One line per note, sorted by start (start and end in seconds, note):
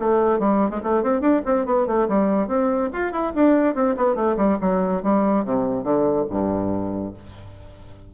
0.00 0.39 A3
0.39 0.71 G3
0.71 0.81 G#3
0.84 1.03 A3
1.03 1.21 C4
1.21 1.42 D4
1.46 1.66 C4
1.66 1.87 B3
1.87 2.08 A3
2.09 2.48 G3
2.48 2.90 C4
2.93 3.13 F4
3.13 3.34 E4
3.35 3.75 D4
3.75 3.96 C4
3.97 4.16 B3
4.16 4.37 A3
4.38 4.58 G3
4.62 5.03 F#3
5.03 5.45 G3
5.45 5.84 C3
5.84 6.26 D3
6.30 7.14 G2